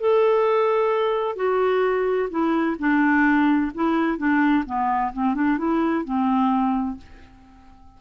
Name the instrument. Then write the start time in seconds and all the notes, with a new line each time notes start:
clarinet
0.00 A4
1.36 F#4
2.30 E4
2.79 D4
3.74 E4
4.18 D4
4.66 B3
5.13 C4
5.35 D4
5.58 E4
6.04 C4